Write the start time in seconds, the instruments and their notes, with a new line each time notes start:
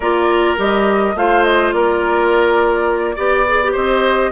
0.00 bassoon A#3, clarinet F4, oboe A#4, flute D5
0.57 bassoon G3, clarinet G4, flute D#5
1.15 bassoon A3, clarinet F4, oboe C5, flute F5
1.43 flute D#5
1.72 bassoon A#3, oboe A#4, flute D5
3.15 bassoon B3, clarinet G4, oboe D5
3.48 clarinet G#4
3.63 clarinet G4
3.72 bassoon C4, oboe C5, flute D#5